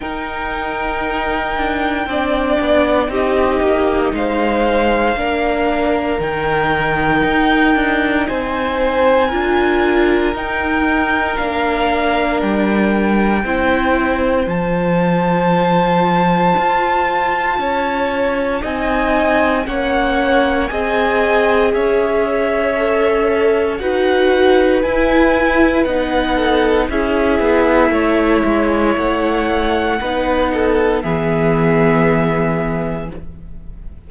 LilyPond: <<
  \new Staff \with { instrumentName = "violin" } { \time 4/4 \tempo 4 = 58 g''2. dis''4 | f''2 g''2 | gis''2 g''4 f''4 | g''2 a''2~ |
a''2 gis''4 fis''4 | gis''4 e''2 fis''4 | gis''4 fis''4 e''2 | fis''2 e''2 | }
  \new Staff \with { instrumentName = "violin" } { \time 4/4 ais'2 d''4 g'4 | c''4 ais'2. | c''4 ais'2.~ | ais'4 c''2.~ |
c''4 cis''4 dis''4 cis''4 | dis''4 cis''2 b'4~ | b'4. a'8 gis'4 cis''4~ | cis''4 b'8 a'8 gis'2 | }
  \new Staff \with { instrumentName = "viola" } { \time 4/4 dis'2 d'4 dis'4~ | dis'4 d'4 dis'2~ | dis'4 f'4 dis'4 d'4~ | d'4 e'4 f'2~ |
f'2 dis'4 cis'4 | gis'2 a'4 fis'4 | e'4 dis'4 e'2~ | e'4 dis'4 b2 | }
  \new Staff \with { instrumentName = "cello" } { \time 4/4 dis'4. d'8 c'8 b8 c'8 ais8 | gis4 ais4 dis4 dis'8 d'8 | c'4 d'4 dis'4 ais4 | g4 c'4 f2 |
f'4 cis'4 c'4 ais4 | c'4 cis'2 dis'4 | e'4 b4 cis'8 b8 a8 gis8 | a4 b4 e2 | }
>>